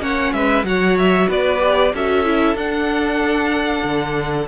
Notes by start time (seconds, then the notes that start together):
0.00 A#3 C#4 C#5 F#5
0.33 G#3 B4 E5
0.64 F#3 F#4 C#5 F#5
0.98 E5
1.29 B3 B4 D5
1.59 G4
1.94 C#4 F#4 A4 E5
2.26 E4
2.55 D4 F#5
3.84 D3